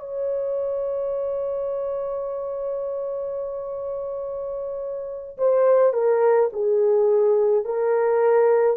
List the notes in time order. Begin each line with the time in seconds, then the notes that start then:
0.00 C#5
5.38 C5
5.93 A#4
6.53 G#4
7.65 A#4